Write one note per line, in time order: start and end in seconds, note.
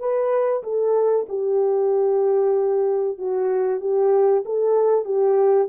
0.00 0.63 B4
0.64 1.27 A4
1.29 3.18 G4
3.18 3.81 F#4
3.81 4.44 G4
4.45 5.05 A4
5.05 5.68 G4